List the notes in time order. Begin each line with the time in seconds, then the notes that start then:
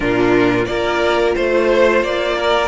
0.00 A#2 D4 F4 A#4
0.64 A#3 F4 A#4 D5
1.35 A3 C5
2.02 A#3 D5
2.37 A#4